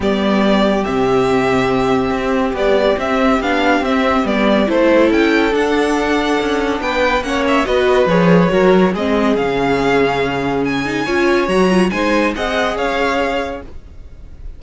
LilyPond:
<<
  \new Staff \with { instrumentName = "violin" } { \time 4/4 \tempo 4 = 141 d''2 e''2~ | e''2 d''4 e''4 | f''4 e''4 d''4 c''4 | g''4 fis''2. |
g''4 fis''8 e''8 dis''4 cis''4~ | cis''4 dis''4 f''2~ | f''4 gis''2 ais''4 | gis''4 fis''4 f''2 | }
  \new Staff \with { instrumentName = "violin" } { \time 4/4 g'1~ | g'1~ | g'2. a'4~ | a'1 |
b'4 cis''4 b'2 | ais'4 gis'2.~ | gis'2 cis''2 | c''4 dis''4 cis''2 | }
  \new Staff \with { instrumentName = "viola" } { \time 4/4 b2 c'2~ | c'2 g4 c'4 | d'4 c'4 b4 e'4~ | e'4 d'2.~ |
d'4 cis'4 fis'4 gis'4 | fis'4 c'4 cis'2~ | cis'4. dis'8 f'4 fis'8 f'8 | dis'4 gis'2. | }
  \new Staff \with { instrumentName = "cello" } { \time 4/4 g2 c2~ | c4 c'4 b4 c'4 | b4 c'4 g4 a4 | cis'4 d'2 cis'4 |
b4 ais4 b4 f4 | fis4 gis4 cis2~ | cis2 cis'4 fis4 | gis4 c'4 cis'2 | }
>>